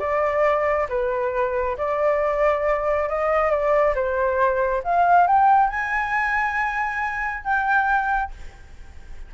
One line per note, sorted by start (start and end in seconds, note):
0.00 0.88 D5
0.90 1.77 B4
1.78 3.09 D5
3.10 3.51 D#5
3.51 3.95 D5
3.96 4.83 C5
4.84 5.28 F5
5.28 5.70 G5
5.70 7.44 G#5
7.44 8.32 G5